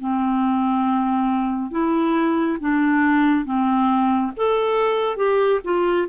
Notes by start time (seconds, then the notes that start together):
0.00 C4
1.71 E4
2.60 D4
3.45 C4
4.37 A4
5.17 G4
5.64 F4